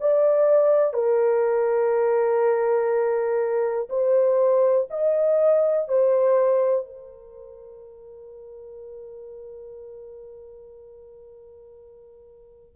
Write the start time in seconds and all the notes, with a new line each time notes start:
0.00 D5
0.93 A#4
3.89 C5
4.90 D#5
5.88 C5
6.85 A#4